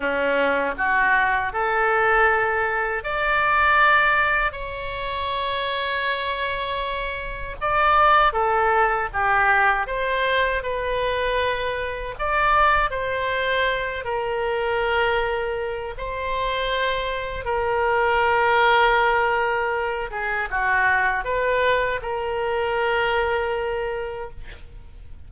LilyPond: \new Staff \with { instrumentName = "oboe" } { \time 4/4 \tempo 4 = 79 cis'4 fis'4 a'2 | d''2 cis''2~ | cis''2 d''4 a'4 | g'4 c''4 b'2 |
d''4 c''4. ais'4.~ | ais'4 c''2 ais'4~ | ais'2~ ais'8 gis'8 fis'4 | b'4 ais'2. | }